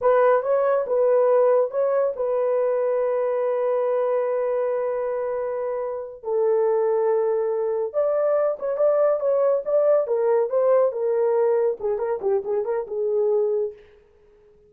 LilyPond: \new Staff \with { instrumentName = "horn" } { \time 4/4 \tempo 4 = 140 b'4 cis''4 b'2 | cis''4 b'2.~ | b'1~ | b'2~ b'8 a'4.~ |
a'2~ a'8 d''4. | cis''8 d''4 cis''4 d''4 ais'8~ | ais'8 c''4 ais'2 gis'8 | ais'8 g'8 gis'8 ais'8 gis'2 | }